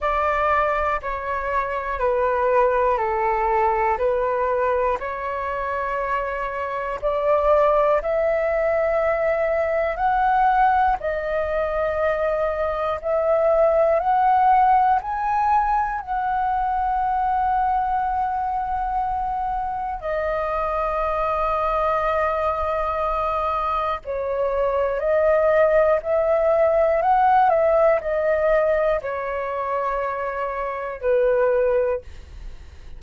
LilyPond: \new Staff \with { instrumentName = "flute" } { \time 4/4 \tempo 4 = 60 d''4 cis''4 b'4 a'4 | b'4 cis''2 d''4 | e''2 fis''4 dis''4~ | dis''4 e''4 fis''4 gis''4 |
fis''1 | dis''1 | cis''4 dis''4 e''4 fis''8 e''8 | dis''4 cis''2 b'4 | }